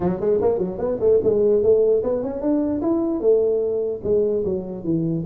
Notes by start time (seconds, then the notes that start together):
0.00 F#3
0.20 G#3
0.41 A#3
0.58 F#3
0.78 B3
1.00 A3
1.23 G#3
1.62 A3
2.03 B3
2.22 C#4
2.41 D4
2.81 E4
3.20 A3
4.03 G#3
4.44 F#3
4.84 E3